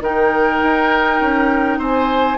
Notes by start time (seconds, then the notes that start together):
0.00 D#3 D#4 A#4 G5
0.63 D#4
1.20 C#4
1.78 C4 C5 G#5